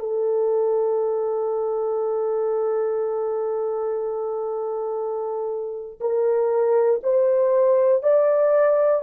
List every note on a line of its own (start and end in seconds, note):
0.00 6.00 A4
6.01 7.01 A#4
7.04 8.03 C5
8.03 9.03 D5